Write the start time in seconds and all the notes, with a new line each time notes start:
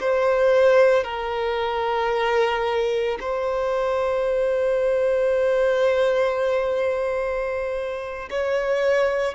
0.00 C5
1.04 A#4
3.20 C5
8.30 C#5